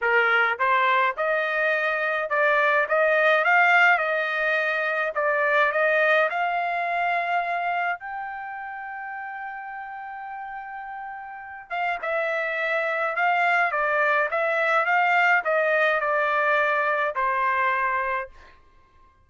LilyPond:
\new Staff \with { instrumentName = "trumpet" } { \time 4/4 \tempo 4 = 105 ais'4 c''4 dis''2 | d''4 dis''4 f''4 dis''4~ | dis''4 d''4 dis''4 f''4~ | f''2 g''2~ |
g''1~ | g''8 f''8 e''2 f''4 | d''4 e''4 f''4 dis''4 | d''2 c''2 | }